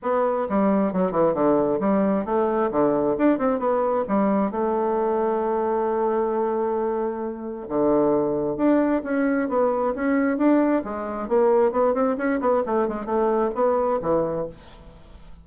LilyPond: \new Staff \with { instrumentName = "bassoon" } { \time 4/4 \tempo 4 = 133 b4 g4 fis8 e8 d4 | g4 a4 d4 d'8 c'8 | b4 g4 a2~ | a1~ |
a4 d2 d'4 | cis'4 b4 cis'4 d'4 | gis4 ais4 b8 c'8 cis'8 b8 | a8 gis8 a4 b4 e4 | }